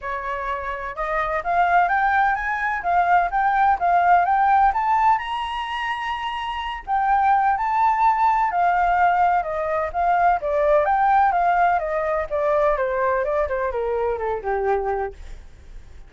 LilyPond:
\new Staff \with { instrumentName = "flute" } { \time 4/4 \tempo 4 = 127 cis''2 dis''4 f''4 | g''4 gis''4 f''4 g''4 | f''4 g''4 a''4 ais''4~ | ais''2~ ais''8 g''4. |
a''2 f''2 | dis''4 f''4 d''4 g''4 | f''4 dis''4 d''4 c''4 | d''8 c''8 ais'4 a'8 g'4. | }